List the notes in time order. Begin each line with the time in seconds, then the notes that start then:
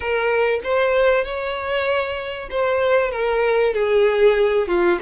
0.00 A#4
0.63 C5
1.24 C#5
2.50 C5
3.11 A#4
3.73 G#4
4.67 F4